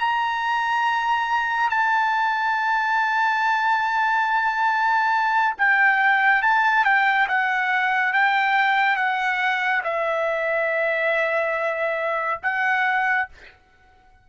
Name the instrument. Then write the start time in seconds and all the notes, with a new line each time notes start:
trumpet
0.00 A#5
1.70 A5
5.58 G5
6.42 A5
6.85 G5
7.29 F#5
8.13 G5
8.96 F#5
9.84 E5
12.43 F#5